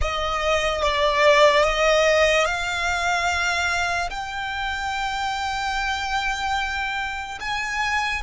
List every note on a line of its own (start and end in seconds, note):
0.01 0.82 D#5
0.82 1.63 D5
1.63 2.45 D#5
2.45 4.09 F5
4.09 7.38 G5
7.40 8.22 G#5